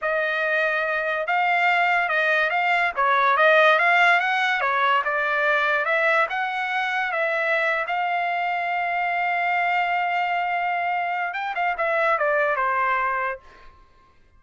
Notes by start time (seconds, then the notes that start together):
0.01 D#5
1.26 F5
2.09 D#5
2.50 F5
2.96 C#5
3.36 D#5
3.78 F5
4.19 F#5
4.60 C#5
5.04 D5
5.85 E5
6.29 F#5
7.12 E5
7.87 F5
11.33 G5
11.55 F5
11.77 E5
12.18 D5
12.55 C5